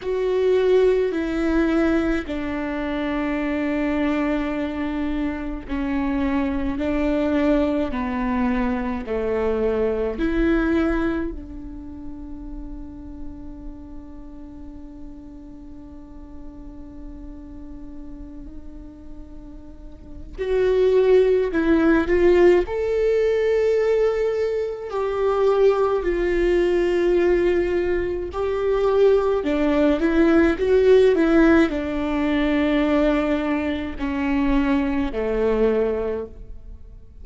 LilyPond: \new Staff \with { instrumentName = "viola" } { \time 4/4 \tempo 4 = 53 fis'4 e'4 d'2~ | d'4 cis'4 d'4 b4 | a4 e'4 d'2~ | d'1~ |
d'2 fis'4 e'8 f'8 | a'2 g'4 f'4~ | f'4 g'4 d'8 e'8 fis'8 e'8 | d'2 cis'4 a4 | }